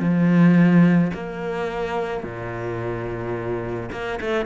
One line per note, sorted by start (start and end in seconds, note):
0.00 1.11 F3
1.14 2.23 A#3
2.23 3.90 A#2
3.92 4.19 A#3
4.20 4.45 A3